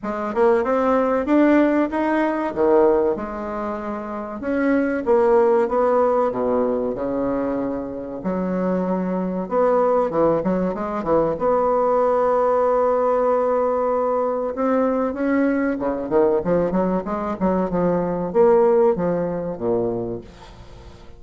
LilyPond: \new Staff \with { instrumentName = "bassoon" } { \time 4/4 \tempo 4 = 95 gis8 ais8 c'4 d'4 dis'4 | dis4 gis2 cis'4 | ais4 b4 b,4 cis4~ | cis4 fis2 b4 |
e8 fis8 gis8 e8 b2~ | b2. c'4 | cis'4 cis8 dis8 f8 fis8 gis8 fis8 | f4 ais4 f4 ais,4 | }